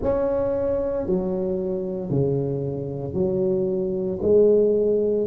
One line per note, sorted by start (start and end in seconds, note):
0.02 1.06 C#4
1.06 2.10 F#3
2.10 3.13 C#3
3.13 4.19 F#3
4.22 5.27 G#3